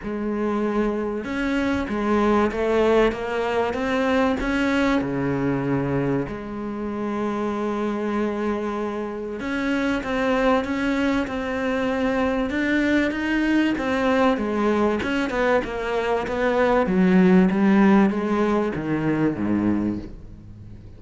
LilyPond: \new Staff \with { instrumentName = "cello" } { \time 4/4 \tempo 4 = 96 gis2 cis'4 gis4 | a4 ais4 c'4 cis'4 | cis2 gis2~ | gis2. cis'4 |
c'4 cis'4 c'2 | d'4 dis'4 c'4 gis4 | cis'8 b8 ais4 b4 fis4 | g4 gis4 dis4 gis,4 | }